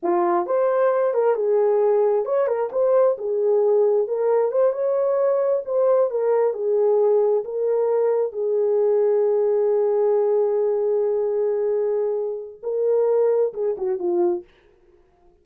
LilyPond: \new Staff \with { instrumentName = "horn" } { \time 4/4 \tempo 4 = 133 f'4 c''4. ais'8 gis'4~ | gis'4 cis''8 ais'8 c''4 gis'4~ | gis'4 ais'4 c''8 cis''4.~ | cis''8 c''4 ais'4 gis'4.~ |
gis'8 ais'2 gis'4.~ | gis'1~ | gis'1 | ais'2 gis'8 fis'8 f'4 | }